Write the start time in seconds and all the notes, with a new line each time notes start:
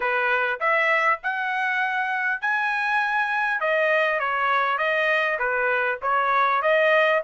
0.00 B4
0.60 E5
1.23 F#5
2.41 G#5
3.60 D#5
4.19 C#5
4.78 D#5
5.38 B4
6.02 C#5
6.62 D#5